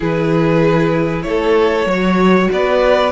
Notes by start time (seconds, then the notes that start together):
0.00 E3 E4 G#4 B4
1.22 A3 A4 C#5
1.86 F#3 F#4 C#5
2.52 B3 B4 D5